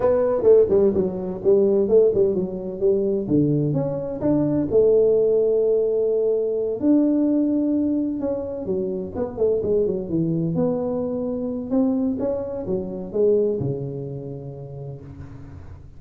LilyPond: \new Staff \with { instrumentName = "tuba" } { \time 4/4 \tempo 4 = 128 b4 a8 g8 fis4 g4 | a8 g8 fis4 g4 d4 | cis'4 d'4 a2~ | a2~ a8 d'4.~ |
d'4. cis'4 fis4 b8 | a8 gis8 fis8 e4 b4.~ | b4 c'4 cis'4 fis4 | gis4 cis2. | }